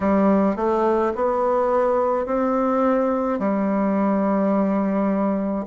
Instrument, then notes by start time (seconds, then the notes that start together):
bassoon
0.00 G3
0.56 A3
1.15 B3
2.26 C4
3.39 G3